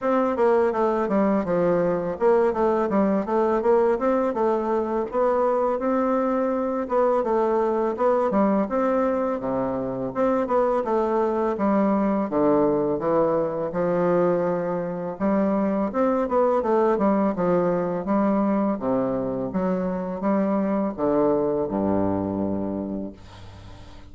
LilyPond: \new Staff \with { instrumentName = "bassoon" } { \time 4/4 \tempo 4 = 83 c'8 ais8 a8 g8 f4 ais8 a8 | g8 a8 ais8 c'8 a4 b4 | c'4. b8 a4 b8 g8 | c'4 c4 c'8 b8 a4 |
g4 d4 e4 f4~ | f4 g4 c'8 b8 a8 g8 | f4 g4 c4 fis4 | g4 d4 g,2 | }